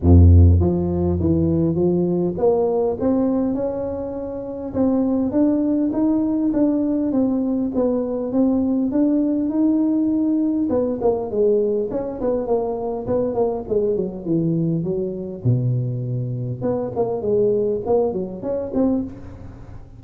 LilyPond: \new Staff \with { instrumentName = "tuba" } { \time 4/4 \tempo 4 = 101 f,4 f4 e4 f4 | ais4 c'4 cis'2 | c'4 d'4 dis'4 d'4 | c'4 b4 c'4 d'4 |
dis'2 b8 ais8 gis4 | cis'8 b8 ais4 b8 ais8 gis8 fis8 | e4 fis4 b,2 | b8 ais8 gis4 ais8 fis8 cis'8 c'8 | }